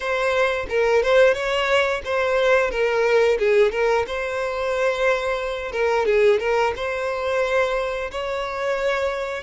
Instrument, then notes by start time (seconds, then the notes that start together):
violin
0.00 C5
0.69 A#4
1.02 C5
1.34 C#5
2.04 C5
2.70 A#4
3.38 G#4
3.71 A#4
4.06 C5
5.72 A#4
6.05 G#4
6.39 A#4
6.76 C5
8.11 C#5